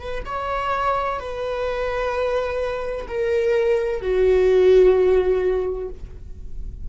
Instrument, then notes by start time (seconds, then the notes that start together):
viola
0.00 B4
0.26 C#5
1.19 B4
3.08 A#4
4.02 F#4